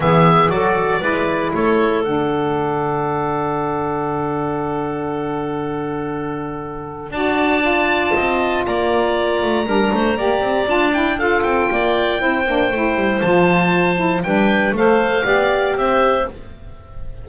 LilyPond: <<
  \new Staff \with { instrumentName = "oboe" } { \time 4/4 \tempo 4 = 118 e''4 d''2 cis''4 | fis''1~ | fis''1~ | fis''2 a''2~ |
a''4 ais''2.~ | ais''4 a''8 g''8 f''8 g''4.~ | g''2 a''2 | g''4 f''2 e''4 | }
  \new Staff \with { instrumentName = "clarinet" } { \time 4/4 gis'4 a'4 b'4 a'4~ | a'1~ | a'1~ | a'2 d''2 |
dis''4 d''2 ais'8 c''8 | d''2 a'4 d''4 | c''1 | b'4 c''4 d''4 c''4 | }
  \new Staff \with { instrumentName = "saxophone" } { \time 4/4 b4 fis'4 e'2 | d'1~ | d'1~ | d'2 fis'4 f'4~ |
f'2. d'4 | g'4 f'8 e'8 f'2 | e'8 d'8 e'4 f'4. e'8 | d'4 a'4 g'2 | }
  \new Staff \with { instrumentName = "double bass" } { \time 4/4 e4 fis4 gis4 a4 | d1~ | d1~ | d2 d'2 |
c'4 ais4. a8 g8 a8 | ais8 c'8 d'4. c'8 ais4 | c'8 ais8 a8 g8 f2 | g4 a4 b4 c'4 | }
>>